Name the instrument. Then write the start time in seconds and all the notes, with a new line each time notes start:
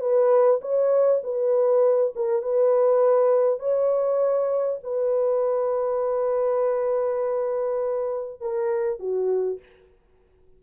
horn
0.00 B4
0.61 C#5
1.23 B4
2.15 A#4
2.42 B4
3.59 C#5
4.83 B4
8.41 A#4
8.99 F#4